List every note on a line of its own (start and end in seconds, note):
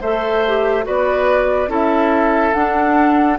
0.00 0.86 A3
0.00 0.45 A4
0.00 0.85 C5
0.00 0.86 E5
0.47 0.83 G4
0.83 1.67 B3
0.83 1.67 F#4
0.83 1.70 B4
0.83 1.71 D5
1.67 2.52 C#4
1.67 2.52 E4
1.67 3.38 A4
1.67 2.53 E5
2.53 3.38 D4
2.53 3.38 F#5